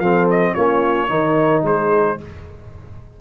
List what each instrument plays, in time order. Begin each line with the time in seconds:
0.00 tuba F3, trombone C4, horn A4, trumpet F5
0.31 trumpet D#5
0.54 tuba A#3, trombone C#4, horn F4, trumpet C#5
1.09 tuba D#3, trombone D#4, horn A#4
1.64 tuba G#3, horn G#4, trumpet C5